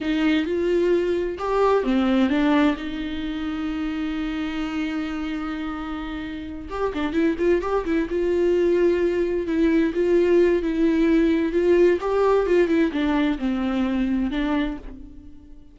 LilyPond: \new Staff \with { instrumentName = "viola" } { \time 4/4 \tempo 4 = 130 dis'4 f'2 g'4 | c'4 d'4 dis'2~ | dis'1~ | dis'2~ dis'8 g'8 d'8 e'8 |
f'8 g'8 e'8 f'2~ f'8~ | f'8 e'4 f'4. e'4~ | e'4 f'4 g'4 f'8 e'8 | d'4 c'2 d'4 | }